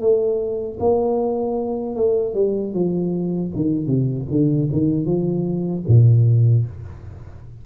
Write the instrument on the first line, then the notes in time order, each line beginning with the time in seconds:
tuba
0.00 A3
0.79 A#3
1.96 A3
2.34 G3
2.73 F3
3.55 D#3
3.86 C3
4.30 D3
4.72 D#3
5.06 F3
5.88 A#2